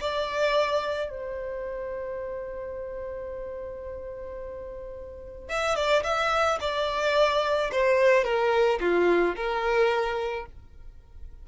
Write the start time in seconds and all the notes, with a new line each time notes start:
0.00 D5
1.09 C5
5.49 E5
5.75 D5
6.03 E5
6.60 D5
7.71 C5
8.24 A#4
8.80 F4
9.36 A#4